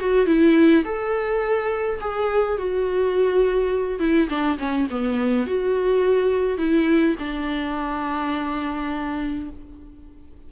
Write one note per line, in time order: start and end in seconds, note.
0.00 0.26 F#4
0.26 0.84 E4
0.85 2.00 A4
2.01 2.58 G#4
2.58 4.00 F#4
4.00 4.29 E4
4.29 4.58 D4
4.59 4.87 C#4
4.91 5.47 B3
5.47 6.58 F#4
6.58 7.16 E4
7.19 9.50 D4